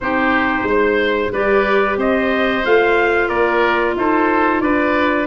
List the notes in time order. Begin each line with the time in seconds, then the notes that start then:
0.00 C4 D#4 G4 C5
0.62 G#3
0.69 C5
1.32 G3 G4 B4 D5
1.97 C4 C5 D#5
2.65 A3 F4 F5
3.28 A#3 A#4 D5
3.96 D#4 A4 C5
4.60 D4 B4 D5